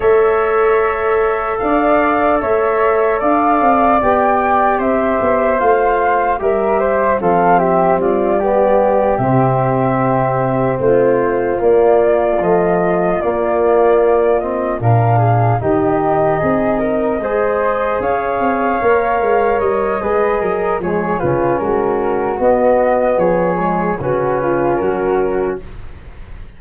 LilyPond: <<
  \new Staff \with { instrumentName = "flute" } { \time 4/4 \tempo 4 = 75 e''2 f''4 e''4 | f''4 g''4 e''4 f''4 | e''4 f''8 e''8 d''4. e''8~ | e''4. c''4 d''4 dis''8~ |
dis''8 d''4. dis''8 f''4 dis''8~ | dis''2~ dis''8 f''4.~ | f''8 dis''4. cis''8 b'8 ais'4 | dis''4 cis''4 b'4 ais'4 | }
  \new Staff \with { instrumentName = "flute" } { \time 4/4 cis''2 d''4 cis''4 | d''2 c''2 | ais'8 c''8 a'8 g'8 f'8 g'4.~ | g'4. f'2~ f'8~ |
f'2~ f'8 ais'8 gis'8 g'8~ | g'8 gis'8 ais'8 c''4 cis''4.~ | cis''4 b'8 ais'8 gis'8 f'8 fis'4~ | fis'4 gis'4 fis'8 f'8 fis'4 | }
  \new Staff \with { instrumentName = "trombone" } { \time 4/4 a'1~ | a'4 g'2 f'4 | g'4 c'4. b4 c'8~ | c'2~ c'8 ais4 f8~ |
f8 ais4. c'8 d'4 dis'8~ | dis'4. gis'2 ais'8~ | ais'4 gis'4 gis8 cis'4. | b4. gis8 cis'2 | }
  \new Staff \with { instrumentName = "tuba" } { \time 4/4 a2 d'4 a4 | d'8 c'8 b4 c'8 b8 a4 | g4 f4 g4. c8~ | c4. a4 ais4 a8~ |
a8 ais2 ais,4 dis8~ | dis8 c'4 gis4 cis'8 c'8 ais8 | gis8 g8 gis8 fis8 f8 cis8 gis4 | b4 f4 cis4 fis4 | }
>>